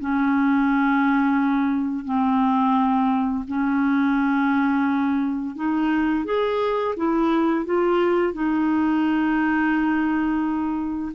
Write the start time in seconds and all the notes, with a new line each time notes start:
0.00 C#4
2.05 C4
3.48 C#4
5.56 D#4
6.25 G#4
6.96 E4
7.65 F4
8.33 D#4